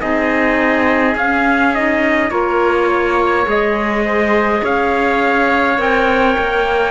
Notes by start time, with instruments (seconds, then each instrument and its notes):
0.00 cello C4, clarinet D#4, oboe G#4, trumpet D#5
1.15 cello C#4, clarinet C#4, trumpet F5
1.75 clarinet D#4, trumpet D#5
2.30 cello A#3, clarinet F4, oboe A#4, trumpet C#5
2.88 oboe C#5
3.44 cello G#3, clarinet G#4, trumpet D#5
4.05 oboe C5
4.62 cello C#4, oboe C#5, trumpet F5
5.78 cello C4, clarinet A#4, trumpet G5
6.38 cello A#3